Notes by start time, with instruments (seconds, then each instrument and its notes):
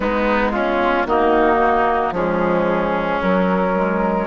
0.00 bassoon G#3, clarinet G#3, oboe B3, flute D#4
0.52 oboe C#4, flute F4
1.05 bassoon D#3, clarinet A#3, oboe D#4, flute F#4
2.11 bassoon F3, clarinet G#3, oboe C#4, flute G#4
3.21 bassoon F#3, clarinet F#3, flute A#4
3.76 clarinet G#3